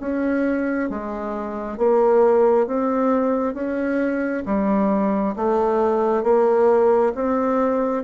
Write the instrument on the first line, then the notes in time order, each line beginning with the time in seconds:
bassoon
0.00 C#4
0.90 G#3
1.77 A#3
2.67 C4
3.54 C#4
4.46 G3
5.36 A3
6.24 A#3
7.15 C4